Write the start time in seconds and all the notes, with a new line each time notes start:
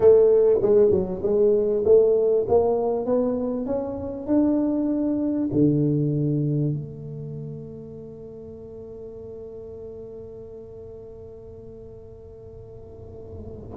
0.00 A3
0.62 G#3
0.90 F#3
1.22 G#3
1.85 A3
2.48 A#3
3.05 B3
3.65 C#4
4.26 D4
5.52 D3
6.73 A3